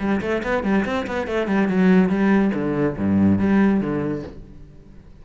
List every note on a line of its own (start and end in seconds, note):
0.00 0.21 G3
0.22 0.43 A3
0.43 0.64 B3
0.64 0.85 G3
0.85 1.07 C4
1.07 1.28 B3
1.28 1.48 A3
1.48 1.69 G3
1.69 2.10 F#3
2.10 2.52 G3
2.55 2.97 D3
2.98 3.39 G2
3.39 3.81 G3
3.81 4.23 D3